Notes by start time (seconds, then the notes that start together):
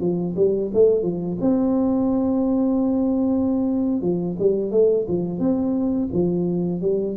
0.00 F3
0.36 G3
0.74 A3
1.02 F3
1.41 C4
4.01 F3
4.39 G3
4.71 A3
5.08 F3
5.39 C4
6.13 F3
6.81 G3